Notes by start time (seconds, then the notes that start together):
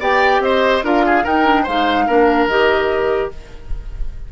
0.00 B3 G4 D5 G5
0.40 C4 C5 D#5
0.83 D4 F4 A#4 F5
1.06 G#4
1.24 D#4 A#4 G5
1.45 D4
1.63 G#3 D#4 C5 F5
2.07 A#3 D4 A#4
2.47 D#3 G4 D#5